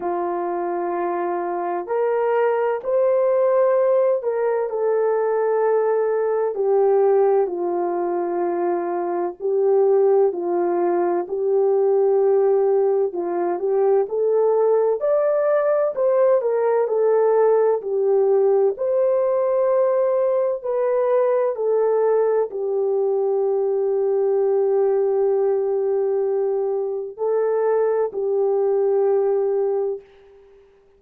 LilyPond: \new Staff \with { instrumentName = "horn" } { \time 4/4 \tempo 4 = 64 f'2 ais'4 c''4~ | c''8 ais'8 a'2 g'4 | f'2 g'4 f'4 | g'2 f'8 g'8 a'4 |
d''4 c''8 ais'8 a'4 g'4 | c''2 b'4 a'4 | g'1~ | g'4 a'4 g'2 | }